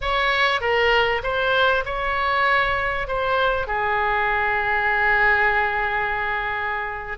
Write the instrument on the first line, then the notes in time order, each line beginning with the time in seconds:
oboe
0.01 C#5
0.60 A#4
1.23 C5
1.85 C#5
3.07 C5
3.67 G#4